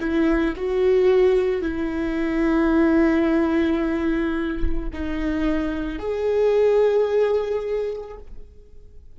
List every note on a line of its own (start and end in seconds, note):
0.00 0.55 E4
0.56 1.62 F#4
1.62 4.89 E4
4.93 5.99 D#4
5.99 8.17 G#4